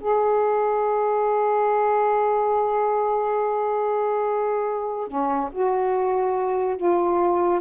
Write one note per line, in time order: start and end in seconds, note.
0.00 5.07 G#4
5.07 5.50 C#4
5.52 6.76 F#4
6.76 7.61 F4